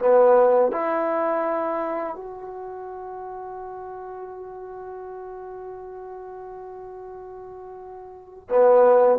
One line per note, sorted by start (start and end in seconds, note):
0.00 0.72 B3
0.72 2.16 E4
2.16 8.49 F#4
8.50 9.19 B3